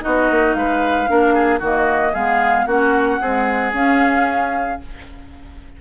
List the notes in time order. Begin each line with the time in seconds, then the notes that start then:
0.00 B3 D#4 F#4 D#5
0.30 A#3
0.53 G#3 B4 F5
1.06 A#3 D4 A#4
1.34 G#4
1.59 D#3 A#3 F#4 D#5
2.12 G#3 B3 G#4 F5
2.66 A#3 C#4 F#4 F#5
3.21 G#3 C4 G#4
3.72 C#4 F5